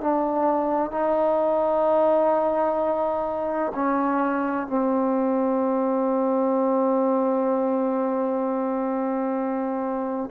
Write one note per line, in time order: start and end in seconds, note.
0.00 0.91 D4
0.91 3.72 D#4
3.74 4.67 C#4
4.67 10.29 C4